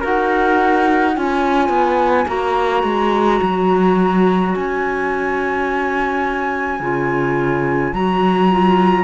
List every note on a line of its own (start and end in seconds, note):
0.00 1.17 D#4
0.00 1.15 F#4
0.00 1.13 A#4
0.00 1.16 F#5
1.13 1.69 C#4
1.13 2.27 F4
1.13 9.04 C#5
1.13 2.28 G#5
1.69 2.25 B3
2.27 2.83 A#3
2.27 6.79 F#4
2.27 4.55 A#5
2.83 3.40 G#3
3.42 4.55 F#3
4.55 6.80 C#4
4.55 7.94 G#5
6.80 7.93 C#3
6.80 7.95 F4
7.93 9.04 F#3
7.93 8.50 F#4
7.93 9.04 A#5
8.50 9.04 F4